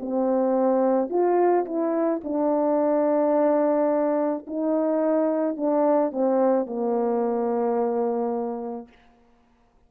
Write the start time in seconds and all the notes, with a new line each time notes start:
0.00 C4
1.10 F4
1.66 E4
2.24 D4
4.47 D#4
5.57 D4
6.12 C4
6.66 A#3